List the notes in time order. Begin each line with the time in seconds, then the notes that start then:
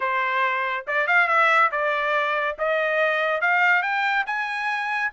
0.00 C5
0.87 D5
1.07 F5
1.27 E5
1.71 D5
2.58 D#5
3.41 F5
3.82 G5
4.26 G#5